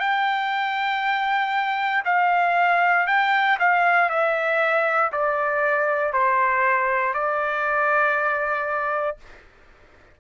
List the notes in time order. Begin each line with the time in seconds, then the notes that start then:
0.00 G5
2.06 F5
3.07 G5
3.60 F5
4.10 E5
5.13 D5
6.13 C5
7.14 D5